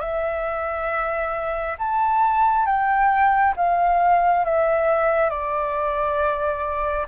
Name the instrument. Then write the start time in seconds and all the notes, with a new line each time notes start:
flute
0.00 E5
1.79 A5
2.66 G5
3.57 F5
4.45 E5
5.30 D5